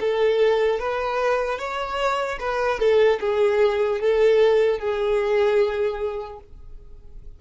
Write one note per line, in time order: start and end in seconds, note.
0.00 0.79 A4
0.79 1.58 B4
1.58 2.38 C#5
2.40 2.79 B4
2.79 3.19 A4
3.20 4.00 G#4
4.00 4.79 A4
4.79 6.39 G#4